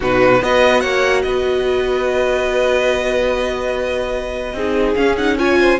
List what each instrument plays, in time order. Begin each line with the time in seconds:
0.00 cello B2, viola D#4, violin F#4 B4
0.41 cello B3, viola F#4, violin B4 D#5
0.80 cello A#3, violin C#5 F#5
1.22 cello B3, violin B4 D#5
4.53 cello C4, viola D#4, violin G#4
4.95 viola C#4, cello C#4, violin F5
5.17 viola D#4, violin F#5
5.37 viola F4, violin C#5 G#5
5.59 violin C5